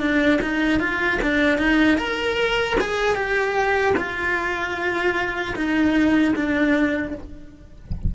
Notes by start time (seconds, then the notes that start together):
0.00 D4
0.42 D#4
0.80 F4
1.22 D4
1.58 D#4
1.97 A#4
2.80 G#4
3.15 G4
3.97 F4
5.56 D#4
6.36 D4